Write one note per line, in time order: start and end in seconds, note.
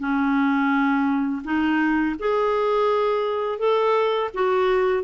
0.00 1.43 C#4
1.44 2.16 D#4
2.19 3.59 G#4
3.59 4.30 A4
4.34 5.04 F#4